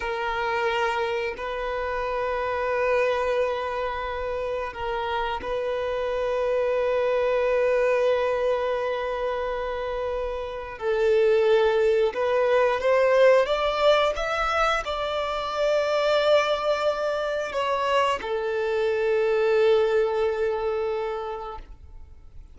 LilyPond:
\new Staff \with { instrumentName = "violin" } { \time 4/4 \tempo 4 = 89 ais'2 b'2~ | b'2. ais'4 | b'1~ | b'1 |
a'2 b'4 c''4 | d''4 e''4 d''2~ | d''2 cis''4 a'4~ | a'1 | }